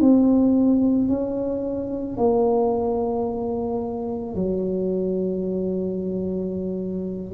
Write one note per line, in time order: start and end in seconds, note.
0.00 1.08 C4
1.08 2.17 C#4
2.17 4.35 A#3
4.35 7.34 F#3